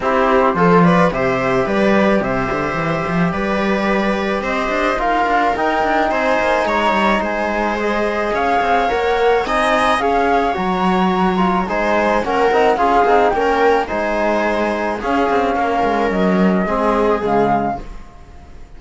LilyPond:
<<
  \new Staff \with { instrumentName = "flute" } { \time 4/4 \tempo 4 = 108 c''4. d''8 e''4 d''4 | e''2 d''2 | dis''4 f''4 g''4 gis''4 | ais''4 gis''4 dis''4 f''4 |
fis''4 gis''4 f''4 ais''4~ | ais''4 gis''4 fis''4 f''4 | g''4 gis''2 f''4~ | f''4 dis''2 f''4 | }
  \new Staff \with { instrumentName = "viola" } { \time 4/4 g'4 a'8 b'8 c''4 b'4 | c''2 b'2 | c''4 ais'2 c''4 | cis''4 c''2 cis''4~ |
cis''4 dis''4 cis''2~ | cis''4 c''4 ais'4 gis'4 | ais'4 c''2 gis'4 | ais'2 gis'2 | }
  \new Staff \with { instrumentName = "trombone" } { \time 4/4 e'4 f'4 g'2~ | g'1~ | g'4 f'4 dis'2~ | dis'2 gis'2 |
ais'4 dis'4 gis'4 fis'4~ | fis'8 f'8 dis'4 cis'8 dis'8 f'8 dis'8 | cis'4 dis'2 cis'4~ | cis'2 c'4 gis4 | }
  \new Staff \with { instrumentName = "cello" } { \time 4/4 c'4 f4 c4 g4 | c8 d8 e8 f8 g2 | c'8 d'8 dis'8 d'8 dis'8 d'8 c'8 ais8 | gis8 g8 gis2 cis'8 c'8 |
ais4 c'4 cis'4 fis4~ | fis4 gis4 ais8 c'8 cis'8 c'8 | ais4 gis2 cis'8 c'8 | ais8 gis8 fis4 gis4 cis4 | }
>>